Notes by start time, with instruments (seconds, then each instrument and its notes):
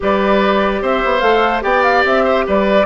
0.00 bassoon G3, clarinet G4, oboe B4, flute D5
0.81 bassoon C4, oboe C5, flute E5
1.05 bassoon B3
1.20 bassoon A3, clarinet A4, flute F5
1.61 bassoon B3, clarinet G4, oboe D5, flute G5
1.83 flute F5
2.04 bassoon C4, flute E5
2.23 oboe C5
2.47 bassoon G3, oboe B4, flute D5